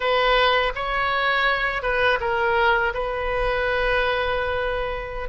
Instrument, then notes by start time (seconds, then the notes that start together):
oboe
0.00 B4
0.75 C#5
1.82 B4
2.20 A#4
2.94 B4